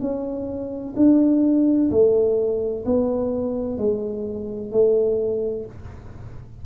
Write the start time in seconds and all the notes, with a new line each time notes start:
0.00 C#4
0.96 D4
1.90 A3
2.85 B3
3.78 G#3
4.71 A3